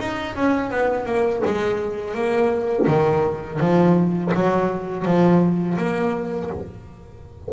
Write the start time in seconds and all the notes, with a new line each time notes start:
0.00 D#4
0.36 C#4
0.71 B3
1.06 A#3
1.46 G#3
2.15 A#3
2.88 D#3
3.60 F3
4.35 F#3
5.05 F3
5.78 A#3